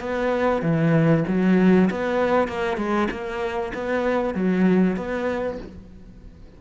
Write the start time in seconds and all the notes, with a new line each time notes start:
0.00 B3
0.62 E3
1.28 F#3
1.90 B3
2.48 A#3
2.77 G#3
3.11 A#3
3.74 B3
4.35 F#3
4.96 B3